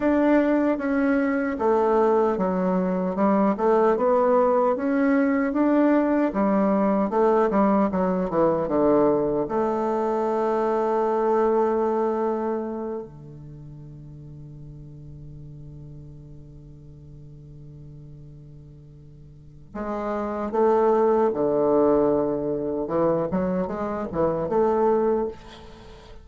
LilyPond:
\new Staff \with { instrumentName = "bassoon" } { \time 4/4 \tempo 4 = 76 d'4 cis'4 a4 fis4 | g8 a8 b4 cis'4 d'4 | g4 a8 g8 fis8 e8 d4 | a1~ |
a8 d2.~ d8~ | d1~ | d4 gis4 a4 d4~ | d4 e8 fis8 gis8 e8 a4 | }